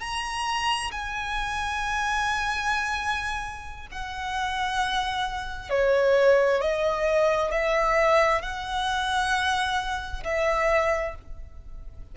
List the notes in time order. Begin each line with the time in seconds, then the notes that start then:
0.00 A#5
0.92 G#5
3.92 F#5
5.70 C#5
6.61 D#5
7.51 E5
8.42 F#5
10.24 E5